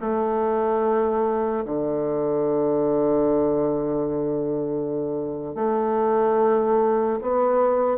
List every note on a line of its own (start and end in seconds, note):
0.00 1.64 A3
1.65 5.55 D3
5.55 7.19 A3
7.21 7.98 B3